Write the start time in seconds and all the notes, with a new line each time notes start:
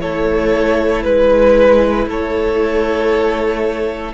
0.00 A3 E4 A4 C#5
1.03 G#3 B4
2.06 A3 A4 C#5